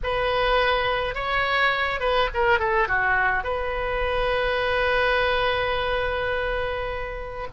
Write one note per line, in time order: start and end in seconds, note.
0.03 1.14 B4
1.14 2.00 C#5
2.00 2.29 B4
2.34 2.59 A#4
2.59 2.87 A4
2.87 3.43 F#4
3.43 7.47 B4